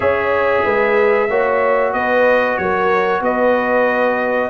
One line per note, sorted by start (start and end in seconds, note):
0.00 0.61 C#4
0.00 1.28 G#4
0.00 0.64 C#5
0.00 1.93 E5
0.64 1.29 G#3
0.64 1.28 B4
1.29 1.93 A#3
1.29 4.50 F#4
1.29 1.93 C#5
1.93 2.58 B3
1.93 2.60 B4
1.93 2.57 D#5
2.57 3.21 F#3
2.57 3.22 A#4
2.57 3.22 C#5
3.21 4.50 B3
3.21 4.50 B4
3.21 4.50 D#5